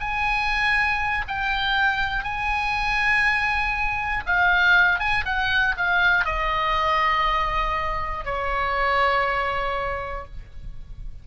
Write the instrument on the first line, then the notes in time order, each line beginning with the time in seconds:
oboe
0.00 G#5
1.27 G5
2.23 G#5
4.26 F5
4.99 G#5
5.25 F#5
5.76 F5
6.25 D#5
8.25 C#5